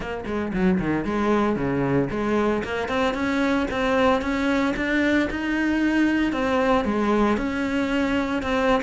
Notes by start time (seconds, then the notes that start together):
0.00 A#3
0.26 G#3
0.53 F#3
0.79 D#3
1.05 G#3
1.56 C#3
2.10 G#3
2.64 A#3
2.88 C4
3.14 C#4
3.70 C4
4.21 C#4
4.76 D4
5.30 D#4
6.32 C4
6.84 G#3
7.37 C#4
8.42 C4